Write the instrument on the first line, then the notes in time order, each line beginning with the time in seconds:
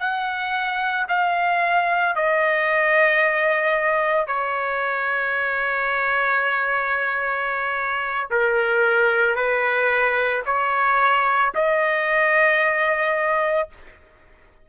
trumpet
0.00 F#5
1.09 F5
2.16 D#5
4.27 C#5
8.30 A#4
9.36 B4
10.46 C#5
11.55 D#5